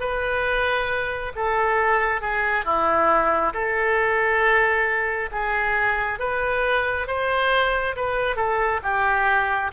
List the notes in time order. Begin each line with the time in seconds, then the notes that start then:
0.00 B4
1.36 A4
2.21 G#4
2.65 E4
3.54 A4
5.31 G#4
6.19 B4
7.07 C5
7.96 B4
8.36 A4
8.83 G4